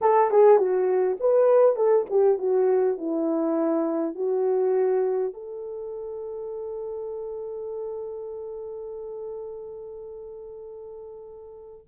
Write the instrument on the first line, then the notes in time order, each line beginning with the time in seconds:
horn
0.01 A4
0.30 G#4
0.58 F#4
1.19 B4
1.76 A4
2.10 G4
2.38 F#4
2.97 E4
4.14 F#4
5.33 A4